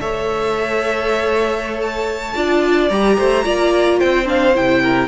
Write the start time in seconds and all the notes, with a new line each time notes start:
0.00 A3 A4 C#5 E5
1.82 A5
2.34 D4 F4 D5
2.89 G3 G4 A#5
3.17 A3 C5
3.43 A#3 F4 D5
3.99 C4 C5 G5
4.25 D4 F5
4.54 C3 E4 G5
4.82 A#4